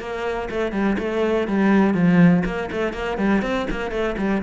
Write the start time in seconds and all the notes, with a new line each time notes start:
0.00 A#3
0.51 A3
0.72 G3
0.99 A3
1.48 G3
1.94 F3
2.46 A#3
2.72 A3
2.94 A#3
3.18 G3
3.43 C4
3.71 A#3
3.92 A3
4.18 G3